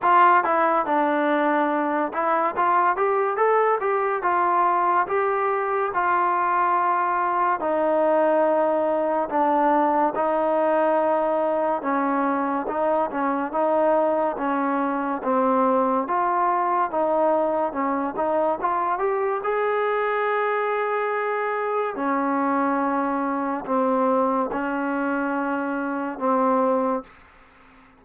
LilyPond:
\new Staff \with { instrumentName = "trombone" } { \time 4/4 \tempo 4 = 71 f'8 e'8 d'4. e'8 f'8 g'8 | a'8 g'8 f'4 g'4 f'4~ | f'4 dis'2 d'4 | dis'2 cis'4 dis'8 cis'8 |
dis'4 cis'4 c'4 f'4 | dis'4 cis'8 dis'8 f'8 g'8 gis'4~ | gis'2 cis'2 | c'4 cis'2 c'4 | }